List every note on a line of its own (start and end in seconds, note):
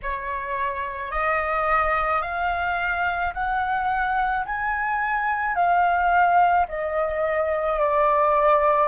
0.02 1.11 C#5
1.11 2.22 D#5
2.22 3.33 F5
3.33 4.44 F#5
4.45 5.55 G#5
5.55 6.66 F5
6.68 7.79 D#5
7.79 8.88 D5